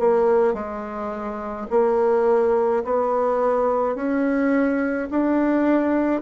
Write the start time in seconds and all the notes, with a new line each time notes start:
0.00 A#3
0.54 G#3
1.70 A#3
2.85 B3
3.96 C#4
5.11 D4